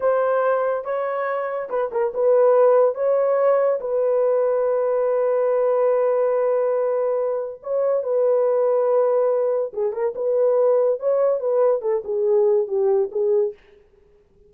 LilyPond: \new Staff \with { instrumentName = "horn" } { \time 4/4 \tempo 4 = 142 c''2 cis''2 | b'8 ais'8 b'2 cis''4~ | cis''4 b'2.~ | b'1~ |
b'2 cis''4 b'4~ | b'2. gis'8 ais'8 | b'2 cis''4 b'4 | a'8 gis'4. g'4 gis'4 | }